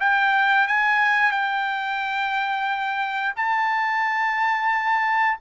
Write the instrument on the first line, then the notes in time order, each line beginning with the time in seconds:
trumpet
0.00 G5
0.67 G#5
1.31 G5
3.36 A5